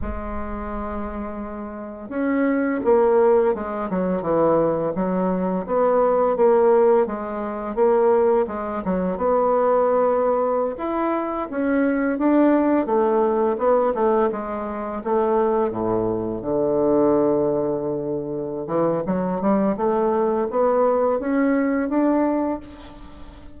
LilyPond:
\new Staff \with { instrumentName = "bassoon" } { \time 4/4 \tempo 4 = 85 gis2. cis'4 | ais4 gis8 fis8 e4 fis4 | b4 ais4 gis4 ais4 | gis8 fis8 b2~ b16 e'8.~ |
e'16 cis'4 d'4 a4 b8 a16~ | a16 gis4 a4 a,4 d8.~ | d2~ d8 e8 fis8 g8 | a4 b4 cis'4 d'4 | }